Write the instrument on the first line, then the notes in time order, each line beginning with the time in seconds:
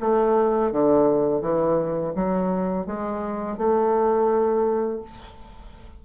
bassoon
0.00 A3
0.72 D3
1.41 E3
2.15 F#3
2.86 G#3
3.57 A3